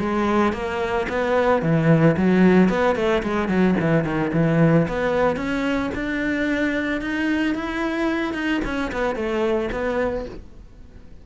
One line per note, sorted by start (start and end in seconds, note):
0.00 0.53 G#3
0.53 1.07 A#3
1.09 1.62 B3
1.62 2.16 E3
2.17 2.70 F#3
2.70 2.96 B3
2.96 3.23 A3
3.23 3.48 G#3
3.48 3.75 F#3
3.80 4.05 E3
4.05 4.32 D#3
4.33 4.87 E3
4.88 5.37 B3
5.37 5.91 C#4
5.95 7.01 D4
7.01 7.55 D#4
7.55 8.34 E4
8.34 8.61 D#4
8.65 8.92 C#4
8.92 9.16 B3
9.16 9.70 A3
9.72 10.26 B3